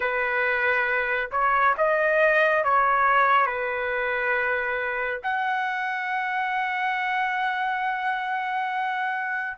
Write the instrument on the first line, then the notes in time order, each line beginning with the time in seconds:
trumpet
0.00 B4
1.31 C#5
1.77 D#5
2.63 C#5
3.46 B4
5.23 F#5